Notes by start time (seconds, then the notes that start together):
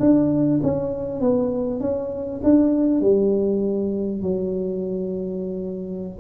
0.00 D4
0.63 C#4
1.20 B3
1.80 C#4
2.44 D4
3.01 G3
4.22 F#3